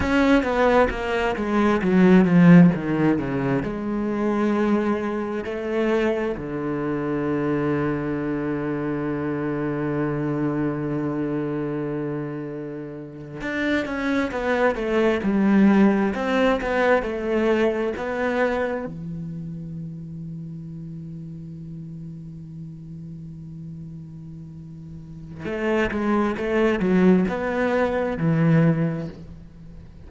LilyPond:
\new Staff \with { instrumentName = "cello" } { \time 4/4 \tempo 4 = 66 cis'8 b8 ais8 gis8 fis8 f8 dis8 cis8 | gis2 a4 d4~ | d1~ | d2~ d8. d'8 cis'8 b16~ |
b16 a8 g4 c'8 b8 a4 b16~ | b8. e2.~ e16~ | e1 | a8 gis8 a8 fis8 b4 e4 | }